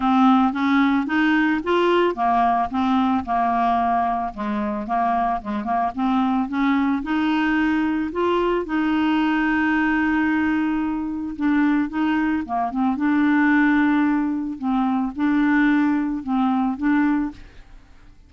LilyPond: \new Staff \with { instrumentName = "clarinet" } { \time 4/4 \tempo 4 = 111 c'4 cis'4 dis'4 f'4 | ais4 c'4 ais2 | gis4 ais4 gis8 ais8 c'4 | cis'4 dis'2 f'4 |
dis'1~ | dis'4 d'4 dis'4 ais8 c'8 | d'2. c'4 | d'2 c'4 d'4 | }